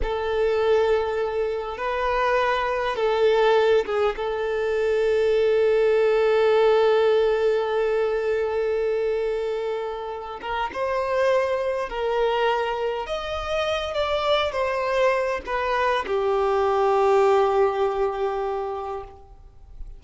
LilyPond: \new Staff \with { instrumentName = "violin" } { \time 4/4 \tempo 4 = 101 a'2. b'4~ | b'4 a'4. gis'8 a'4~ | a'1~ | a'1~ |
a'4. ais'8 c''2 | ais'2 dis''4. d''8~ | d''8 c''4. b'4 g'4~ | g'1 | }